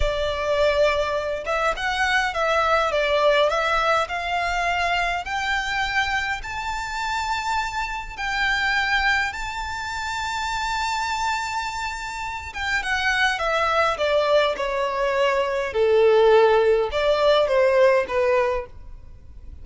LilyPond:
\new Staff \with { instrumentName = "violin" } { \time 4/4 \tempo 4 = 103 d''2~ d''8 e''8 fis''4 | e''4 d''4 e''4 f''4~ | f''4 g''2 a''4~ | a''2 g''2 |
a''1~ | a''4. g''8 fis''4 e''4 | d''4 cis''2 a'4~ | a'4 d''4 c''4 b'4 | }